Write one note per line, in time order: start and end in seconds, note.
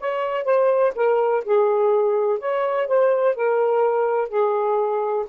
0.00 0.44 C#5
0.44 0.92 C5
0.95 1.44 A#4
1.45 2.39 G#4
2.39 2.88 C#5
2.88 3.36 C5
3.36 4.29 A#4
4.29 5.26 G#4